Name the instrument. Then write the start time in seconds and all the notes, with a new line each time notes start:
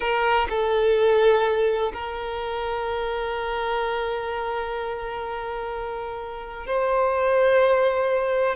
violin
0.00 A#4
0.49 A4
1.93 A#4
6.66 C5